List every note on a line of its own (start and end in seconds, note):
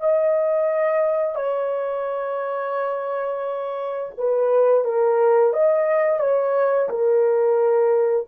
0.00 1.35 D#5
1.35 4.11 C#5
4.18 4.85 B4
4.85 5.53 A#4
5.53 6.20 D#5
6.20 6.89 C#5
6.89 8.27 A#4